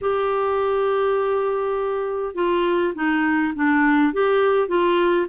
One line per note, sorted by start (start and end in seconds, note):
0.01 2.34 G4
2.34 2.93 F4
2.94 3.53 D#4
3.55 4.13 D4
4.13 4.68 G4
4.68 5.26 F4